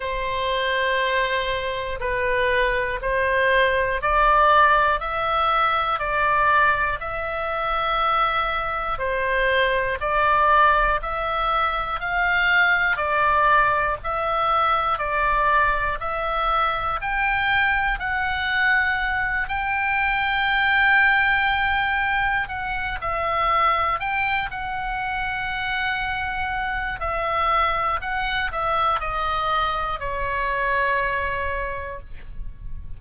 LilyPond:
\new Staff \with { instrumentName = "oboe" } { \time 4/4 \tempo 4 = 60 c''2 b'4 c''4 | d''4 e''4 d''4 e''4~ | e''4 c''4 d''4 e''4 | f''4 d''4 e''4 d''4 |
e''4 g''4 fis''4. g''8~ | g''2~ g''8 fis''8 e''4 | g''8 fis''2~ fis''8 e''4 | fis''8 e''8 dis''4 cis''2 | }